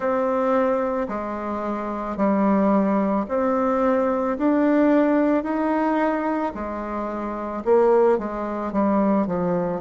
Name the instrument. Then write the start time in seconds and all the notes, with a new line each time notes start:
bassoon
0.00 C4
1.08 G#3
2.16 G3
3.28 C4
4.38 D4
5.43 D#4
6.54 G#3
7.65 A#3
8.18 G#3
8.72 G3
9.27 F3